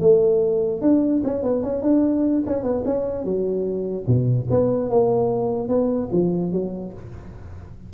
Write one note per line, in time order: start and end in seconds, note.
0.00 0.81 A3
0.81 1.22 D4
1.24 1.43 C#4
1.43 1.63 B3
1.63 1.82 C#4
1.82 2.43 D4
2.46 2.63 C#4
2.63 2.83 B3
2.85 3.24 C#4
3.24 4.06 F#3
4.07 4.47 B2
4.50 4.90 B3
4.90 5.68 A#3
5.68 6.09 B3
6.12 6.52 F3
6.52 6.92 F#3